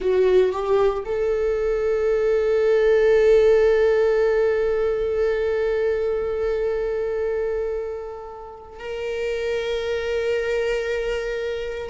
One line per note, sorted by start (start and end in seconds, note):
0.00 0.52 F#4
0.52 1.03 G4
1.05 8.79 A4
8.79 11.89 A#4